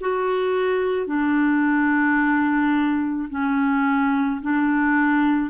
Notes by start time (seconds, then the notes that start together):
0.00 F#4
1.07 D4
3.30 C#4
4.41 D4